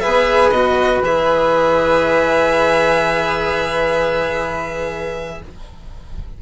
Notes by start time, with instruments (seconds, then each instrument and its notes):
0.00 bassoon B3, cello G#4, flute B4, violin E5
0.50 bassoon B2, cello F#4, violin D#5
1.02 bassoon E3, cello G#4, violin E5